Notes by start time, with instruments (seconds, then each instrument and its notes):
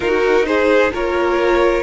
0.00 cello D#4, viola D#4, violin F#4 A#4
0.45 violin G#4 C5
0.92 cello A#3, viola F4, violin A#4 C#5